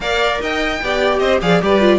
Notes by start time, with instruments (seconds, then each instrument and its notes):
0.00 cello A#3, viola A#4, violin D5 F5
0.40 cello D#4, violin D#5 G5
0.81 cello B3, viola G4, violin D5
1.18 cello C4, violin C5 D#5
1.41 cello F3, viola G#4, violin D5 F5
1.61 cello G3, viola G4, violin B4 D5
1.80 viola F4